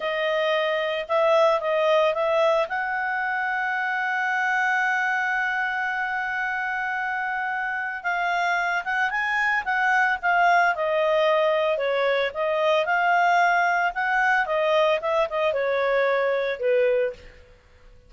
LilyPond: \new Staff \with { instrumentName = "clarinet" } { \time 4/4 \tempo 4 = 112 dis''2 e''4 dis''4 | e''4 fis''2.~ | fis''1~ | fis''2. f''4~ |
f''8 fis''8 gis''4 fis''4 f''4 | dis''2 cis''4 dis''4 | f''2 fis''4 dis''4 | e''8 dis''8 cis''2 b'4 | }